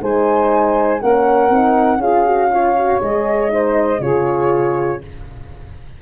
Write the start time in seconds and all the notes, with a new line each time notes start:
0.00 G#3 D#4 C5 G#5
1.00 A#3 C#4 A#4 F#5
1.49 C4 D#4
1.97 C#4 F4 G#4 F5
2.25 F#4
2.50 F4 C#5
2.76 F#4
3.01 G#3 G#4 D#5
3.49 D#4 C5
4.00 C#3 F4 G#4 C#5